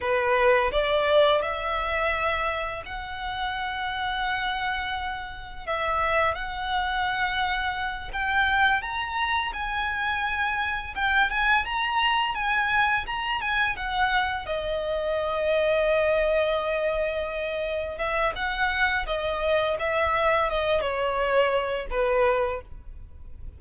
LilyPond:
\new Staff \with { instrumentName = "violin" } { \time 4/4 \tempo 4 = 85 b'4 d''4 e''2 | fis''1 | e''4 fis''2~ fis''8 g''8~ | g''8 ais''4 gis''2 g''8 |
gis''8 ais''4 gis''4 ais''8 gis''8 fis''8~ | fis''8 dis''2.~ dis''8~ | dis''4. e''8 fis''4 dis''4 | e''4 dis''8 cis''4. b'4 | }